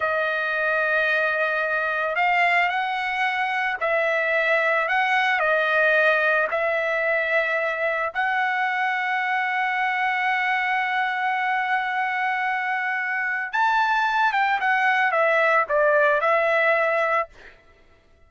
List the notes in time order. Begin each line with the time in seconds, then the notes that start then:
0.00 D#5
2.15 F5
2.69 F#5
3.80 E5
4.88 F#5
5.39 D#5
6.50 E5
8.14 F#5
13.52 A5
14.32 G5
14.60 F#5
15.11 E5
15.68 D5
16.20 E5